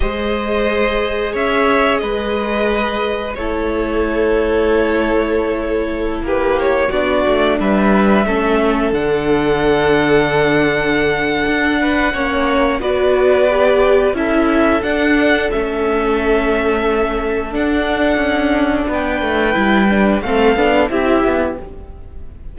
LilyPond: <<
  \new Staff \with { instrumentName = "violin" } { \time 4/4 \tempo 4 = 89 dis''2 e''4 dis''4~ | dis''4 cis''2.~ | cis''4~ cis''16 b'8 cis''8 d''4 e''8.~ | e''4~ e''16 fis''2~ fis''8.~ |
fis''2. d''4~ | d''4 e''4 fis''4 e''4~ | e''2 fis''2 | g''2 f''4 e''4 | }
  \new Staff \with { instrumentName = "violin" } { \time 4/4 c''2 cis''4 b'4~ | b'4 a'2.~ | a'4~ a'16 g'4 fis'4 b'8.~ | b'16 a'2.~ a'8.~ |
a'4. b'8 cis''4 b'4~ | b'4 a'2.~ | a'1 | b'2 a'4 g'4 | }
  \new Staff \with { instrumentName = "viola" } { \time 4/4 gis'1~ | gis'4 e'2.~ | e'2~ e'16 d'4.~ d'16~ | d'16 cis'4 d'2~ d'8.~ |
d'2 cis'4 fis'4 | g'4 e'4 d'4 cis'4~ | cis'2 d'2~ | d'4 e'8 d'8 c'8 d'8 e'4 | }
  \new Staff \with { instrumentName = "cello" } { \time 4/4 gis2 cis'4 gis4~ | gis4 a2.~ | a4~ a16 ais4 b8 a8 g8.~ | g16 a4 d2~ d8.~ |
d4 d'4 ais4 b4~ | b4 cis'4 d'4 a4~ | a2 d'4 cis'4 | b8 a8 g4 a8 b8 c'8 b8 | }
>>